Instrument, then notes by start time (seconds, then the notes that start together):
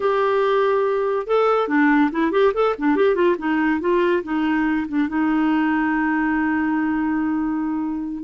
clarinet
0.00 G4
1.26 A4
1.68 D4
2.11 E4
2.31 G4
2.54 A4
2.78 D4
2.96 G4
3.15 F4
3.38 D#4
3.80 F4
4.23 D#4
4.87 D4
5.08 D#4